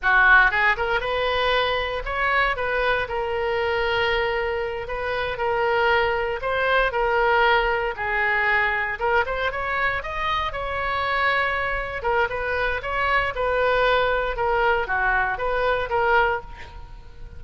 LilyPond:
\new Staff \with { instrumentName = "oboe" } { \time 4/4 \tempo 4 = 117 fis'4 gis'8 ais'8 b'2 | cis''4 b'4 ais'2~ | ais'4. b'4 ais'4.~ | ais'8 c''4 ais'2 gis'8~ |
gis'4. ais'8 c''8 cis''4 dis''8~ | dis''8 cis''2. ais'8 | b'4 cis''4 b'2 | ais'4 fis'4 b'4 ais'4 | }